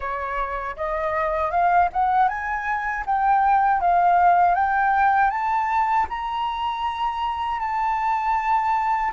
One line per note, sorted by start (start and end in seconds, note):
0.00 0.76 C#5
0.76 1.51 D#5
1.51 1.88 F5
1.92 2.28 F#5
2.28 3.04 G#5
3.06 3.80 G5
3.80 4.55 F5
4.55 5.30 G5
5.30 6.06 A5
6.09 7.59 A#5
7.59 9.11 A5